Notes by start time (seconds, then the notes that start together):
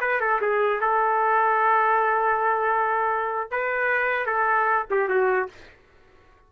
0.00 B4
0.20 A4
0.41 G#4
0.80 A4
3.50 B4
4.26 A4
4.90 G4
5.08 F#4